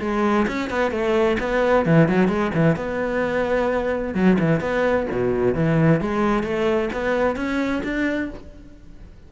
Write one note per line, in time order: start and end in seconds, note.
0.00 0.46 G#3
0.48 0.70 C#4
0.70 0.91 B3
0.91 1.37 A3
1.40 1.86 B3
1.86 2.08 E3
2.08 2.28 F#3
2.28 2.51 G#3
2.54 2.76 E3
2.76 4.14 B3
4.15 4.38 F#3
4.39 4.60 E3
4.60 5.06 B3
5.11 5.55 B2
5.55 6.01 E3
6.01 6.43 G#3
6.43 6.89 A3
6.93 7.36 B3
7.36 7.82 C#4
7.84 8.30 D4